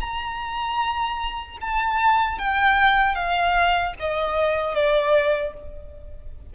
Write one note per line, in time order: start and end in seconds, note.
0.00 1.58 A#5
1.61 2.39 A5
2.39 3.15 G5
3.15 3.94 F5
3.99 4.75 D#5
4.75 5.54 D5